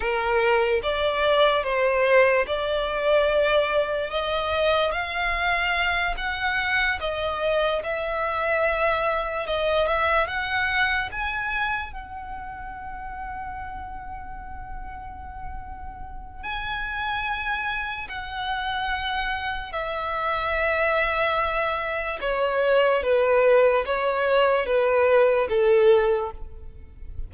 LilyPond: \new Staff \with { instrumentName = "violin" } { \time 4/4 \tempo 4 = 73 ais'4 d''4 c''4 d''4~ | d''4 dis''4 f''4. fis''8~ | fis''8 dis''4 e''2 dis''8 | e''8 fis''4 gis''4 fis''4.~ |
fis''1 | gis''2 fis''2 | e''2. cis''4 | b'4 cis''4 b'4 a'4 | }